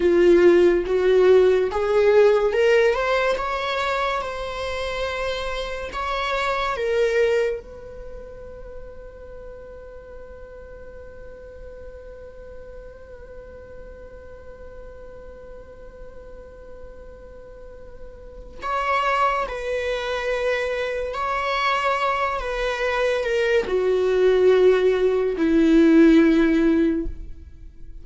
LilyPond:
\new Staff \with { instrumentName = "viola" } { \time 4/4 \tempo 4 = 71 f'4 fis'4 gis'4 ais'8 c''8 | cis''4 c''2 cis''4 | ais'4 b'2.~ | b'1~ |
b'1~ | b'2 cis''4 b'4~ | b'4 cis''4. b'4 ais'8 | fis'2 e'2 | }